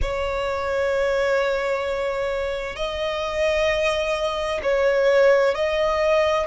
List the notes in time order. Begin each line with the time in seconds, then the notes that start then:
0.01 C#5
2.76 D#5
4.62 C#5
5.54 D#5